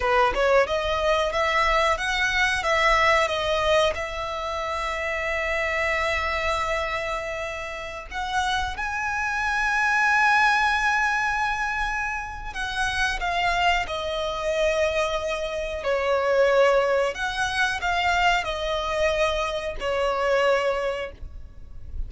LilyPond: \new Staff \with { instrumentName = "violin" } { \time 4/4 \tempo 4 = 91 b'8 cis''8 dis''4 e''4 fis''4 | e''4 dis''4 e''2~ | e''1~ | e''16 fis''4 gis''2~ gis''8.~ |
gis''2. fis''4 | f''4 dis''2. | cis''2 fis''4 f''4 | dis''2 cis''2 | }